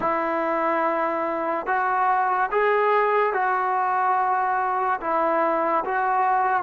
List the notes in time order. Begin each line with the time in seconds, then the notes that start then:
0.00 E4
1.66 F#4
2.51 G#4
3.33 F#4
5.00 E4
5.84 F#4